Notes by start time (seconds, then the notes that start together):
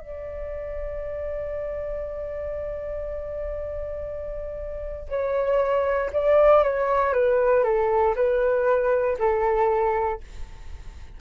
0.00 D5
5.09 C#5
6.13 D5
6.63 C#5
7.13 B4
7.64 A4
8.15 B4
9.19 A4